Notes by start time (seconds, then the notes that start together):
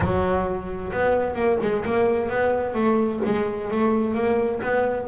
0.00 F#3
0.92 B3
1.35 A#3
1.62 G#3
1.85 A#3
2.29 B3
2.74 A3
3.25 G#3
3.70 A3
4.14 A#3
4.62 B3